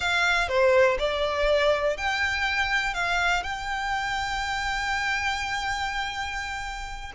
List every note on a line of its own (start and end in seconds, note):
0.00 0.48 F5
0.48 0.97 C5
0.98 1.97 D5
1.97 2.94 G5
2.94 3.43 F5
3.43 7.12 G5